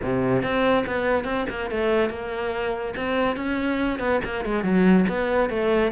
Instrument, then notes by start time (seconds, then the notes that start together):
cello
0.02 C3
0.42 C4
0.86 B3
1.24 C4
1.49 A#3
1.70 A3
2.09 A#3
2.96 C4
3.36 C#4
3.99 B3
4.24 A#3
4.44 G#3
4.63 F#3
5.08 B3
5.49 A3